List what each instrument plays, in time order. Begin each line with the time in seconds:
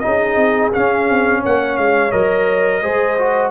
0.00 trombone D#4, trumpet D#5
0.06 tuba C#4, horn G#4
0.36 tuba C4
0.73 trombone C#4, tuba C#4, trumpet F5
1.10 tuba C4
1.42 tuba A#3, horn C#5, trumpet F#5
1.77 tuba G#3, trumpet F5
2.12 tuba F#3, trombone A#4, trumpet D#5
2.83 tuba G#3, trombone G#4, horn C5
3.19 trombone F#4